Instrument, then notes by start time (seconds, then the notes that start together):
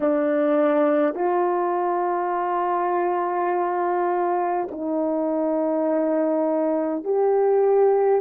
horn
0.00 D4
1.15 F4
4.71 D#4
7.04 G4